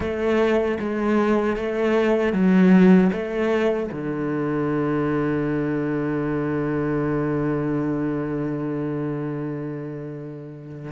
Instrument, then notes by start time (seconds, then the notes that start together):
cello
0.00 A3
0.79 G#3
1.56 A3
2.32 F#3
3.12 A3
3.92 D3